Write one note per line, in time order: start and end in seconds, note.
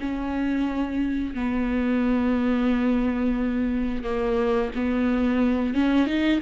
0.00 1.35 C#4
1.35 4.04 B3
4.04 4.71 A#3
4.75 5.74 B3
5.74 6.07 C#4
6.07 6.40 D#4